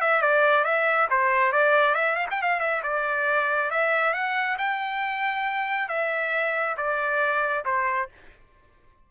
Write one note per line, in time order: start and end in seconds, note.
0.00 0.21 E5
0.21 0.64 D5
0.64 1.07 E5
1.10 1.52 C5
1.52 1.94 D5
1.94 2.15 E5
2.15 2.26 F5
2.30 2.41 G5
2.41 2.59 F5
2.59 2.81 E5
2.82 3.70 D5
3.70 4.13 E5
4.13 4.57 F#5
4.58 5.88 G5
5.88 6.76 E5
6.76 7.64 D5
7.65 8.08 C5